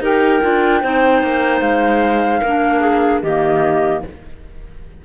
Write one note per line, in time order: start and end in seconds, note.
0.00 0.40 D#4
0.00 0.42 G4
0.00 0.81 A#4
0.00 1.61 G5
0.42 0.83 D4
0.42 0.82 F4
0.81 1.23 C4
0.81 2.43 D#4
0.81 2.41 C5
1.23 1.61 A#3
1.61 2.41 G#3
1.61 3.21 F5
2.41 3.23 A#3
2.41 3.25 D4
2.41 2.81 A#4
2.81 3.21 G#4
3.22 4.03 D#3
3.22 4.05 A#3
3.22 4.02 G4
3.22 4.02 D#5